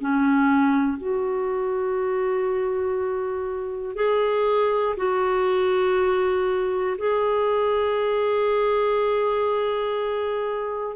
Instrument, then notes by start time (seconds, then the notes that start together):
clarinet
0.00 C#4
0.97 F#4
3.95 G#4
4.96 F#4
6.98 G#4